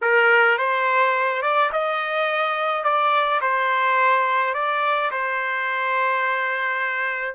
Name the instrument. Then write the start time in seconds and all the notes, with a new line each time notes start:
trumpet
0.01 A#4
0.58 C5
1.42 D5
1.72 D#5
2.84 D5
3.41 C5
4.54 D5
5.11 C5